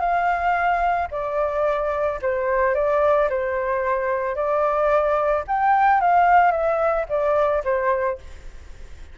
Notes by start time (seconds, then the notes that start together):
0.00 F5
1.11 D5
2.22 C5
2.75 D5
3.29 C5
4.36 D5
5.48 G5
6.00 F5
6.52 E5
7.09 D5
7.64 C5